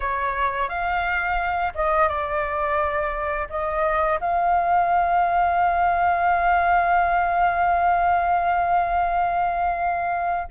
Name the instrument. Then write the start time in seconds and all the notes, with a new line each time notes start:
flute
0.00 C#5
0.68 F5
1.74 D#5
2.08 D5
3.49 D#5
4.20 F5